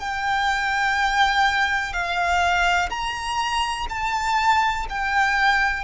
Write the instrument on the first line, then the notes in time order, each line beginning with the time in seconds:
violin
0.00 G5
1.93 F5
2.90 A#5
3.90 A5
4.90 G5